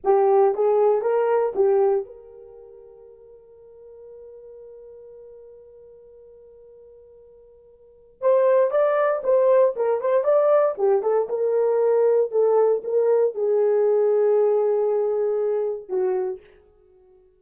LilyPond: \new Staff \with { instrumentName = "horn" } { \time 4/4 \tempo 4 = 117 g'4 gis'4 ais'4 g'4 | ais'1~ | ais'1~ | ais'1 |
c''4 d''4 c''4 ais'8 c''8 | d''4 g'8 a'8 ais'2 | a'4 ais'4 gis'2~ | gis'2. fis'4 | }